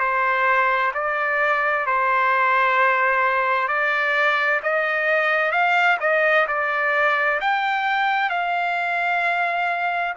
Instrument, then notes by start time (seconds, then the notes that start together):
trumpet
0.00 C5
0.94 D5
1.87 C5
3.68 D5
4.63 D#5
5.52 F5
6.00 D#5
6.48 D5
7.41 G5
8.30 F5